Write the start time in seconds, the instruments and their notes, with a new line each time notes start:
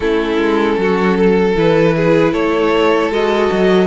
0.00 cello A3, viola C#4, violin E4 A4
0.37 cello G#3
0.77 cello F#3, violin F#4
1.17 violin A4
1.55 cello E3, viola E4, violin B4
1.96 violin G#4
2.32 cello A3, violin A4 C#5
3.10 cello G#3, viola F#4, violin D#5
3.51 cello F#3